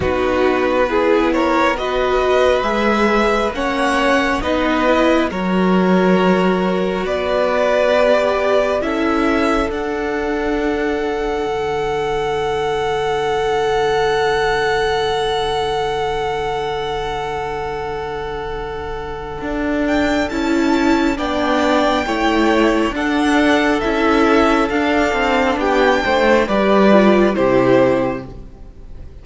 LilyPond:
<<
  \new Staff \with { instrumentName = "violin" } { \time 4/4 \tempo 4 = 68 b'4. cis''8 dis''4 e''4 | fis''4 dis''4 cis''2 | d''2 e''4 fis''4~ | fis''1~ |
fis''1~ | fis''2~ fis''8 g''8 a''4 | g''2 fis''4 e''4 | f''4 g''4 d''4 c''4 | }
  \new Staff \with { instrumentName = "violin" } { \time 4/4 fis'4 gis'8 ais'8 b'2 | cis''4 b'4 ais'2 | b'2 a'2~ | a'1~ |
a'1~ | a'1 | d''4 cis''4 a'2~ | a'4 g'8 c''8 b'4 g'4 | }
  \new Staff \with { instrumentName = "viola" } { \time 4/4 dis'4 e'4 fis'4 gis'4 | cis'4 dis'8 e'8 fis'2~ | fis'4 g'4 e'4 d'4~ | d'1~ |
d'1~ | d'2. e'4 | d'4 e'4 d'4 e'4 | d'2 g'8 f'8 e'4 | }
  \new Staff \with { instrumentName = "cello" } { \time 4/4 b2. gis4 | ais4 b4 fis2 | b2 cis'4 d'4~ | d'4 d2.~ |
d1~ | d2 d'4 cis'4 | b4 a4 d'4 cis'4 | d'8 c'8 b8 a8 g4 c4 | }
>>